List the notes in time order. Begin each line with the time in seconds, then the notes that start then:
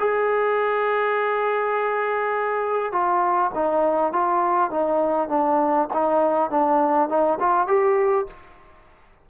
0.00 G#4
2.92 F4
3.55 D#4
4.13 F4
4.71 D#4
5.29 D4
5.94 D#4
6.50 D4
7.09 D#4
7.40 F4
7.68 G4